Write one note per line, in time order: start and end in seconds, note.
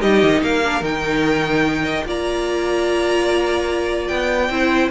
0.00 0.23 G3
0.00 0.62 D#4
0.00 0.41 G4
0.00 0.42 D#5
0.23 0.41 D#3
0.41 0.81 A#3
0.41 1.83 A#4
0.41 0.84 F5
0.63 0.83 D4
0.81 2.04 D#3
0.81 2.04 D#4
0.81 2.07 G5
1.83 2.04 D#5
2.04 4.09 A#3
2.04 4.49 F4
2.04 4.51 D5
2.04 4.07 A#5
4.07 4.50 B3
4.07 4.89 G5
4.50 4.90 C4
4.50 4.91 E4
4.50 4.91 C5